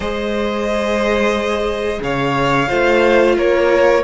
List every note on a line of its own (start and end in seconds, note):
0.00 1.99 G#3
0.00 2.67 G#4
0.00 2.00 C5
0.00 2.02 D#5
2.01 2.69 C#3
2.01 2.68 C#5
2.01 3.37 F5
2.67 3.37 A3
2.67 4.02 F4
2.67 3.36 C5
3.36 4.03 A#3
3.36 4.03 A#4
3.36 4.03 C#5